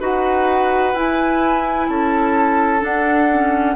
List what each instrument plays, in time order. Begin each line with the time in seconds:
0.00 bassoon D#4, clarinet F#4, oboe B4, flute F#5
0.94 bassoon E4, clarinet E4, flute G#5
1.88 bassoon C#4, oboe A4, flute A5
2.80 clarinet D4, bassoon D4, flute F#5
3.33 clarinet C#4